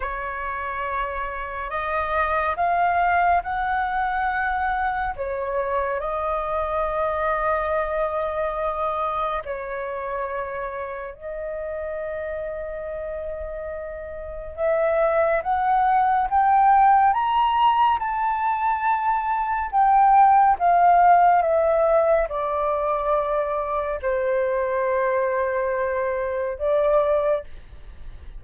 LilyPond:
\new Staff \with { instrumentName = "flute" } { \time 4/4 \tempo 4 = 70 cis''2 dis''4 f''4 | fis''2 cis''4 dis''4~ | dis''2. cis''4~ | cis''4 dis''2.~ |
dis''4 e''4 fis''4 g''4 | ais''4 a''2 g''4 | f''4 e''4 d''2 | c''2. d''4 | }